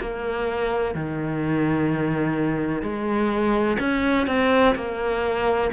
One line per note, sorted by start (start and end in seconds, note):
0.00 0.95 A#3
0.95 2.82 D#3
2.82 3.77 G#3
3.80 4.27 C#4
4.27 4.75 C4
4.75 5.71 A#3